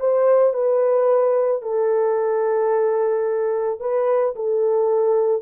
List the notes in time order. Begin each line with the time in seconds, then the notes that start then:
0.00 C5
0.54 B4
1.62 A4
3.80 B4
4.36 A4